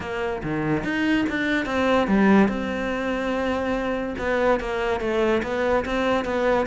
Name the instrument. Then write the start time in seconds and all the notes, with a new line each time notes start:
cello
0.00 A#3
0.43 D#3
0.84 D#4
1.29 D4
1.65 C4
2.07 G3
2.48 C4
4.18 B3
4.59 A#3
5.00 A3
5.43 B3
5.85 C4
6.24 B3